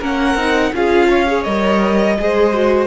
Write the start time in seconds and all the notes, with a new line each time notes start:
0.00 A#3 C#4 A#4 F#5
0.35 C4 D#4
0.74 C#4 F4 G#4 F5
1.09 C#5
1.27 G#4
1.44 G3 A#4 D#5
2.18 G#3 G#4 C5
2.53 F#4